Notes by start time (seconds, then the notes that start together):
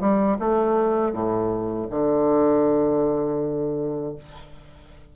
0.00 G3
0.39 A3
1.12 A2
1.90 D3